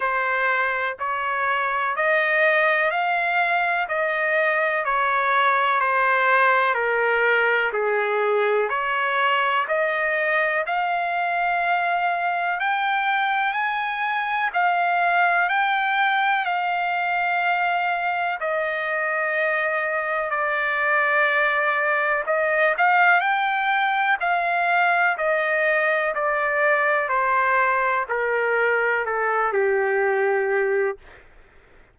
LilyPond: \new Staff \with { instrumentName = "trumpet" } { \time 4/4 \tempo 4 = 62 c''4 cis''4 dis''4 f''4 | dis''4 cis''4 c''4 ais'4 | gis'4 cis''4 dis''4 f''4~ | f''4 g''4 gis''4 f''4 |
g''4 f''2 dis''4~ | dis''4 d''2 dis''8 f''8 | g''4 f''4 dis''4 d''4 | c''4 ais'4 a'8 g'4. | }